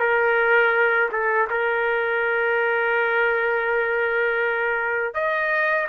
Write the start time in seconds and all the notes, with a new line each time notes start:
0.00 A#4
1.12 A4
1.50 A#4
5.15 D#5